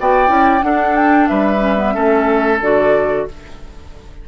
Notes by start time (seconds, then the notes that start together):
0.00 B3 F#4 D5 G5
0.27 C#4 E4
0.63 D4 A4 F#5
0.96 G5
1.28 G3 B4 E5
1.59 C#4
1.76 B3
1.92 A3 C#4 A4
2.61 D3 F#4 D5